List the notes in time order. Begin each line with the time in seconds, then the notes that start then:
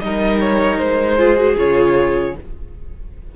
0.00 G3 D#4 A#4 D#5
0.40 C#5
0.78 G#3 C5
1.18 F4 G#4
1.36 F#4
1.56 C#3 F4 C#5